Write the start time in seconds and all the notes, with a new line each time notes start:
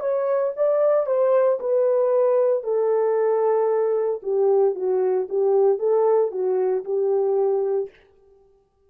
0.00 C#5
0.56 D5
1.06 C5
1.59 B4
2.63 A4
4.22 G4
4.75 F#4
5.29 G4
5.78 A4
6.31 F#4
6.84 G4